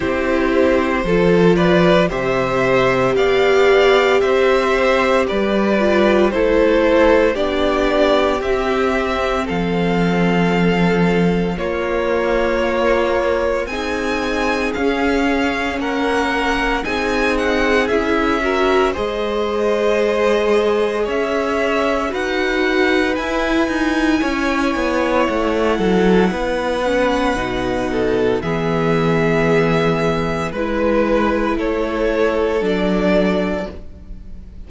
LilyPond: <<
  \new Staff \with { instrumentName = "violin" } { \time 4/4 \tempo 4 = 57 c''4. d''8 e''4 f''4 | e''4 d''4 c''4 d''4 | e''4 f''2 cis''4~ | cis''4 gis''4 f''4 fis''4 |
gis''8 fis''8 e''4 dis''2 | e''4 fis''4 gis''2 | fis''2. e''4~ | e''4 b'4 cis''4 d''4 | }
  \new Staff \with { instrumentName = "violin" } { \time 4/4 g'4 a'8 b'8 c''4 d''4 | c''4 b'4 a'4 g'4~ | g'4 a'2 f'4~ | f'4 gis'2 ais'4 |
gis'4. ais'8 c''2 | cis''4 b'2 cis''4~ | cis''8 a'8 b'4. a'8 gis'4~ | gis'4 b'4 a'2 | }
  \new Staff \with { instrumentName = "viola" } { \time 4/4 e'4 f'4 g'2~ | g'4. f'8 e'4 d'4 | c'2. ais4~ | ais4 dis'4 cis'2 |
dis'4 e'8 fis'8 gis'2~ | gis'4 fis'4 e'2~ | e'4. cis'8 dis'4 b4~ | b4 e'2 d'4 | }
  \new Staff \with { instrumentName = "cello" } { \time 4/4 c'4 f4 c4 b4 | c'4 g4 a4 b4 | c'4 f2 ais4~ | ais4 c'4 cis'4 ais4 |
c'4 cis'4 gis2 | cis'4 dis'4 e'8 dis'8 cis'8 b8 | a8 fis8 b4 b,4 e4~ | e4 gis4 a4 fis4 | }
>>